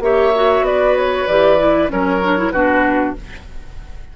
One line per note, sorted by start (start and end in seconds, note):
0.00 0.61 A#3
0.00 0.33 G4
0.00 0.66 C#5
0.00 0.65 E5
0.35 1.29 F#4
0.61 1.24 B3
0.61 1.92 B4
0.61 0.96 D5
0.97 1.27 C#5
1.27 1.91 E3
1.27 1.58 G4
1.27 1.90 D5
1.58 1.89 E4
1.89 2.52 F#3
1.89 2.20 C#4
1.89 2.53 A#4
1.89 2.51 C#5
2.24 2.38 D4
2.38 2.53 E4
2.51 3.15 B2
2.51 3.16 D4
2.51 3.15 F#4
2.51 3.14 B4